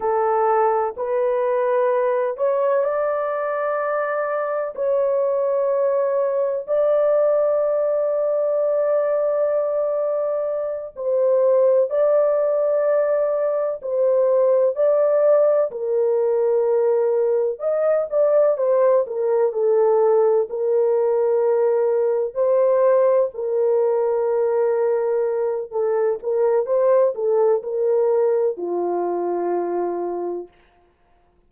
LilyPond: \new Staff \with { instrumentName = "horn" } { \time 4/4 \tempo 4 = 63 a'4 b'4. cis''8 d''4~ | d''4 cis''2 d''4~ | d''2.~ d''8 c''8~ | c''8 d''2 c''4 d''8~ |
d''8 ais'2 dis''8 d''8 c''8 | ais'8 a'4 ais'2 c''8~ | c''8 ais'2~ ais'8 a'8 ais'8 | c''8 a'8 ais'4 f'2 | }